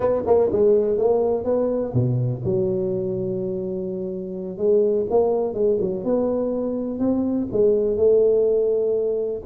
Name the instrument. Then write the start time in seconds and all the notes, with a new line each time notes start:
tuba
0.00 B3
0.26 A#3
0.52 G#3
0.97 A#3
1.44 B3
1.93 B2
2.44 F#3
4.57 G#3
5.09 A#3
5.53 G#3
5.80 F#3
6.04 B3
6.99 C4
7.52 G#3
7.97 A3